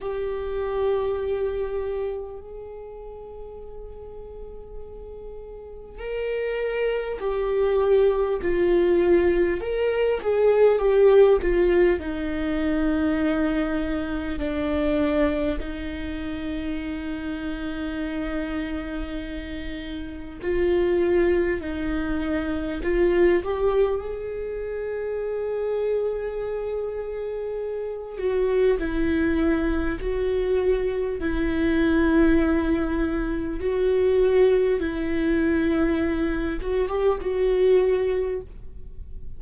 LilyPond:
\new Staff \with { instrumentName = "viola" } { \time 4/4 \tempo 4 = 50 g'2 gis'2~ | gis'4 ais'4 g'4 f'4 | ais'8 gis'8 g'8 f'8 dis'2 | d'4 dis'2.~ |
dis'4 f'4 dis'4 f'8 g'8 | gis'2.~ gis'8 fis'8 | e'4 fis'4 e'2 | fis'4 e'4. fis'16 g'16 fis'4 | }